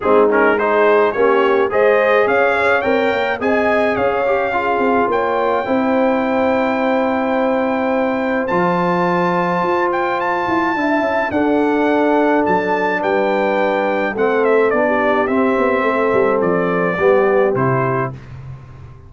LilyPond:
<<
  \new Staff \with { instrumentName = "trumpet" } { \time 4/4 \tempo 4 = 106 gis'8 ais'8 c''4 cis''4 dis''4 | f''4 g''4 gis''4 f''4~ | f''4 g''2.~ | g''2. a''4~ |
a''4. g''8 a''2 | fis''2 a''4 g''4~ | g''4 fis''8 e''8 d''4 e''4~ | e''4 d''2 c''4 | }
  \new Staff \with { instrumentName = "horn" } { \time 4/4 dis'4 gis'4 g'4 c''4 | cis''2 dis''4 cis''4 | gis'4 cis''4 c''2~ | c''1~ |
c''2. e''4 | a'2. b'4~ | b'4 a'4~ a'16 g'4.~ g'16 | a'2 g'2 | }
  \new Staff \with { instrumentName = "trombone" } { \time 4/4 c'8 cis'8 dis'4 cis'4 gis'4~ | gis'4 ais'4 gis'4. g'8 | f'2 e'2~ | e'2. f'4~ |
f'2. e'4 | d'1~ | d'4 c'4 d'4 c'4~ | c'2 b4 e'4 | }
  \new Staff \with { instrumentName = "tuba" } { \time 4/4 gis2 ais4 gis4 | cis'4 c'8 ais8 c'4 cis'4~ | cis'8 c'8 ais4 c'2~ | c'2. f4~ |
f4 f'4. e'8 d'8 cis'8 | d'2 fis4 g4~ | g4 a4 b4 c'8 b8 | a8 g8 f4 g4 c4 | }
>>